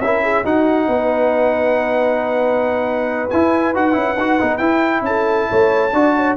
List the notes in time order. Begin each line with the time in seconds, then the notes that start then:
0.00 C#4 E4 A#4 E5
0.23 G#4
0.44 D#4 F#4 F#5
0.88 B3 B4
3.30 E4 G#5
3.75 D#4 F#4 F#5
3.93 C#4 E4
4.17 D#4 F#4
4.40 B3 D#4
4.57 E4 G5
5.01 C#4 A4 A5
5.50 A3 C#5
5.93 D4 F#4 D5
6.16 C#5